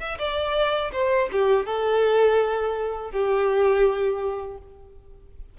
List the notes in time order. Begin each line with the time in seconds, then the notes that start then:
0.00 E5
0.18 D5
0.92 C5
1.32 G4
1.66 A4
3.12 G4